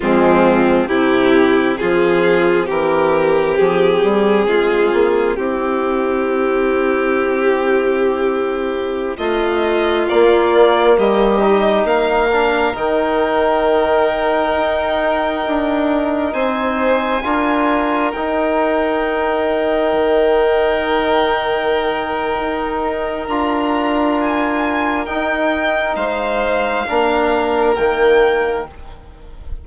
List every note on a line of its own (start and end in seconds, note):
0.00 0.87 F3
0.00 0.89 G#3
0.00 0.88 C4
0.00 0.87 F4
0.87 1.77 C3
0.87 10.07 C4
0.87 1.78 E4
0.87 1.77 G4
1.77 2.69 F3
1.77 2.65 F4
1.77 2.66 G#4
2.65 3.58 E3
2.65 4.45 G4
2.65 3.57 A#4
3.57 4.03 F3
3.57 5.36 G#4
4.03 4.46 G3
4.46 4.91 G#3
4.46 5.37 F4
4.93 5.37 A#3
5.36 9.17 C4
5.36 9.17 E4
5.36 9.16 G4
9.17 10.07 A3
9.17 10.96 F4
9.17 10.07 D#5
10.07 11.40 A#3
10.07 10.97 A#3
10.07 10.98 D5
10.97 11.84 G3
10.97 11.87 G4
10.97 11.86 D#5
11.40 12.30 D#4
11.84 12.74 A#3
11.84 16.33 A#4
11.84 12.75 F5
12.30 12.74 D4
12.74 14.55 D#3
12.74 17.22 D#4
12.74 16.32 G5
14.56 15.45 D#4
15.46 16.33 D4
16.32 17.23 C4
16.32 17.23 C5
16.32 18.11 G#5
17.23 18.13 D4
17.23 18.12 F4
17.23 25.96 A#4
18.12 19.93 D#4
18.12 23.29 D#4
18.12 23.26 G5
19.93 22.39 D#3
22.39 23.28 D#4
23.28 25.07 D4
23.28 25.06 F4
23.28 24.17 A#5
24.21 25.05 G#5
25.05 26.85 D#4
25.05 25.96 D#4
25.05 25.95 G5
25.95 26.85 G#3
25.95 26.85 C5
25.95 27.74 F5
26.86 27.77 A#3
26.86 27.76 D4
26.86 28.67 A#4
27.75 28.67 D#3
27.75 28.67 A#3
27.75 28.64 G5